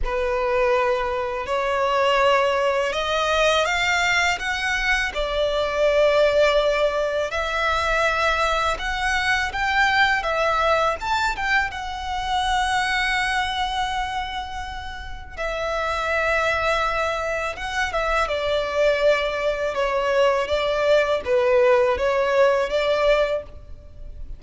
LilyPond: \new Staff \with { instrumentName = "violin" } { \time 4/4 \tempo 4 = 82 b'2 cis''2 | dis''4 f''4 fis''4 d''4~ | d''2 e''2 | fis''4 g''4 e''4 a''8 g''8 |
fis''1~ | fis''4 e''2. | fis''8 e''8 d''2 cis''4 | d''4 b'4 cis''4 d''4 | }